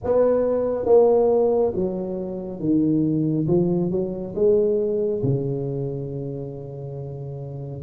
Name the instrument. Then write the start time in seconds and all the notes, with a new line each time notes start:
tuba
0.04 B3
0.85 A#3
1.75 F#3
2.59 D#3
3.47 F3
3.91 F#3
4.35 G#3
5.23 C#3